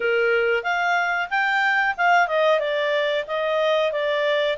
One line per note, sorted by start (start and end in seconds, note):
0.00 0.63 A#4
0.63 1.28 F5
1.30 1.95 G5
1.97 2.27 F5
2.27 2.59 D#5
2.59 3.24 D5
3.27 3.91 D#5
3.91 4.57 D5